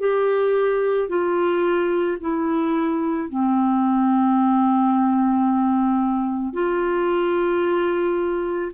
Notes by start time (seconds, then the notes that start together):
0.00 G4
1.09 F4
2.21 E4
3.30 C4
6.54 F4